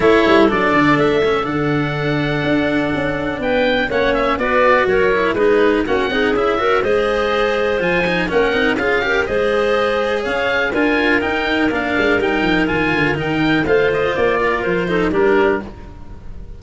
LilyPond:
<<
  \new Staff \with { instrumentName = "oboe" } { \time 4/4 \tempo 4 = 123 cis''4 d''4 e''4 fis''4~ | fis''2. g''4 | fis''8 e''8 d''4 cis''4 b'4 | fis''4 e''4 dis''2 |
gis''4 fis''4 f''4 dis''4~ | dis''4 f''4 gis''4 g''4 | f''4 g''4 gis''4 g''4 | f''8 dis''8 d''4 c''4 ais'4 | }
  \new Staff \with { instrumentName = "clarinet" } { \time 4/4 a'1~ | a'2. b'4 | cis''4 b'4 ais'4 gis'4 | fis'8 gis'4 ais'8 c''2~ |
c''4 ais'4 gis'8 ais'8 c''4~ | c''4 cis''4 ais'2~ | ais'1 | c''4. ais'4 a'8 g'4 | }
  \new Staff \with { instrumentName = "cello" } { \time 4/4 e'4 d'4. cis'8 d'4~ | d'1 | cis'4 fis'4. e'8 dis'4 | cis'8 dis'8 e'8 fis'8 gis'2 |
f'8 dis'8 cis'8 dis'8 f'8 g'8 gis'4~ | gis'2 f'4 dis'4 | d'4 dis'4 f'4 dis'4 | f'2~ f'8 dis'8 d'4 | }
  \new Staff \with { instrumentName = "tuba" } { \time 4/4 a8 g8 fis8 d8 a4 d4~ | d4 d'4 cis'4 b4 | ais4 b4 fis4 gis4 | ais8 c'8 cis'4 gis2 |
f4 ais8 c'8 cis'4 gis4~ | gis4 cis'4 d'4 dis'4 | ais8 gis8 g8 f8 dis8 d8 dis4 | a4 ais4 f4 g4 | }
>>